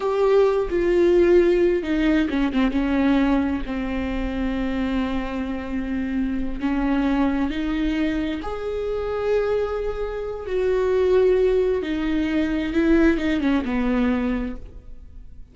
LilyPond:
\new Staff \with { instrumentName = "viola" } { \time 4/4 \tempo 4 = 132 g'4. f'2~ f'8 | dis'4 cis'8 c'8 cis'2 | c'1~ | c'2~ c'8 cis'4.~ |
cis'8 dis'2 gis'4.~ | gis'2. fis'4~ | fis'2 dis'2 | e'4 dis'8 cis'8 b2 | }